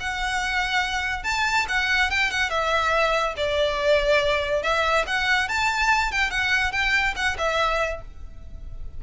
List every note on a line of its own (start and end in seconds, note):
0.00 1.23 F#5
1.23 1.66 A5
1.68 2.10 F#5
2.10 2.31 G5
2.31 2.50 F#5
2.50 3.34 E5
3.37 4.63 D5
4.63 5.05 E5
5.06 5.48 F#5
5.48 6.11 A5
6.11 6.30 G5
6.30 6.72 F#5
6.72 7.14 G5
7.16 7.37 F#5
7.38 8.01 E5